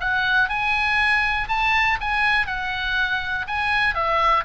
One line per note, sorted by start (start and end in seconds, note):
0.00 0.49 F#5
0.49 1.48 G#5
1.48 1.98 A5
2.01 2.47 G#5
2.47 3.46 F#5
3.47 3.95 G#5
3.95 4.44 E5